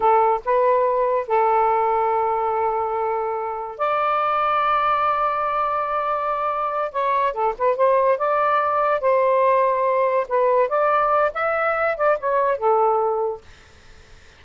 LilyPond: \new Staff \with { instrumentName = "saxophone" } { \time 4/4 \tempo 4 = 143 a'4 b'2 a'4~ | a'1~ | a'4 d''2.~ | d''1~ |
d''8 cis''4 a'8 b'8 c''4 d''8~ | d''4. c''2~ c''8~ | c''8 b'4 d''4. e''4~ | e''8 d''8 cis''4 a'2 | }